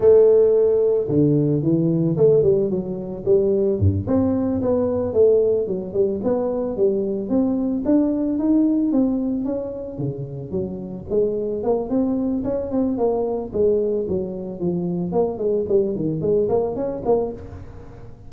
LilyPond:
\new Staff \with { instrumentName = "tuba" } { \time 4/4 \tempo 4 = 111 a2 d4 e4 | a8 g8 fis4 g4 g,8 c'8~ | c'8 b4 a4 fis8 g8 b8~ | b8 g4 c'4 d'4 dis'8~ |
dis'8 c'4 cis'4 cis4 fis8~ | fis8 gis4 ais8 c'4 cis'8 c'8 | ais4 gis4 fis4 f4 | ais8 gis8 g8 dis8 gis8 ais8 cis'8 ais8 | }